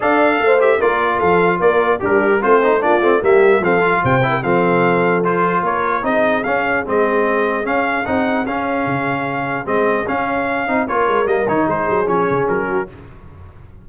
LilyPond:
<<
  \new Staff \with { instrumentName = "trumpet" } { \time 4/4 \tempo 4 = 149 f''4. e''8 d''4 f''4 | d''4 ais'4 c''4 d''4 | e''4 f''4 g''4 f''4~ | f''4 c''4 cis''4 dis''4 |
f''4 dis''2 f''4 | fis''4 f''2. | dis''4 f''2 cis''4 | dis''8 cis''8 c''4 cis''4 ais'4 | }
  \new Staff \with { instrumentName = "horn" } { \time 4/4 d''4 c''4 ais'4 a'4 | ais'4 d'4 c'4 f'4 | g'4 a'4 c''8. ais'16 a'4~ | a'2 ais'4 gis'4~ |
gis'1~ | gis'1~ | gis'2. ais'4~ | ais'4 gis'2~ gis'8 fis'8 | }
  \new Staff \with { instrumentName = "trombone" } { \time 4/4 a'4. g'8 f'2~ | f'4 g'4 f'8 dis'8 d'8 c'8 | ais4 c'8 f'4 e'8 c'4~ | c'4 f'2 dis'4 |
cis'4 c'2 cis'4 | dis'4 cis'2. | c'4 cis'4. dis'8 f'4 | ais8 dis'4. cis'2 | }
  \new Staff \with { instrumentName = "tuba" } { \time 4/4 d'4 a4 ais4 f4 | ais4 g4 a4 ais8 a8 | g4 f4 c4 f4~ | f2 ais4 c'4 |
cis'4 gis2 cis'4 | c'4 cis'4 cis2 | gis4 cis'4. c'8 ais8 gis8 | g8 dis8 gis8 fis8 f8 cis8 fis4 | }
>>